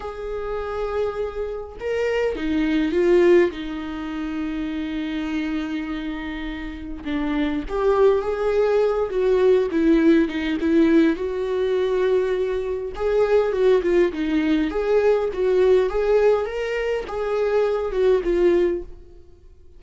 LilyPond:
\new Staff \with { instrumentName = "viola" } { \time 4/4 \tempo 4 = 102 gis'2. ais'4 | dis'4 f'4 dis'2~ | dis'1 | d'4 g'4 gis'4. fis'8~ |
fis'8 e'4 dis'8 e'4 fis'4~ | fis'2 gis'4 fis'8 f'8 | dis'4 gis'4 fis'4 gis'4 | ais'4 gis'4. fis'8 f'4 | }